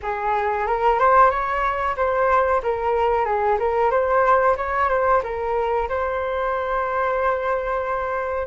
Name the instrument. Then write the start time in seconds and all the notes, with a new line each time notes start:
flute
0.02 G#4
0.66 A#4
0.99 C5
1.30 C#5
1.96 C5
2.62 A#4
3.25 G#4
3.59 A#4
3.90 C5
4.57 C#5
4.89 C5
5.23 A#4
5.88 C5